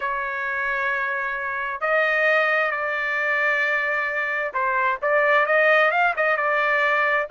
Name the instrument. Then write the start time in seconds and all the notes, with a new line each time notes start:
trumpet
0.00 C#5
1.81 D#5
2.71 D5
4.53 C5
5.01 D5
5.46 D#5
5.91 F5
6.16 D#5
6.36 D5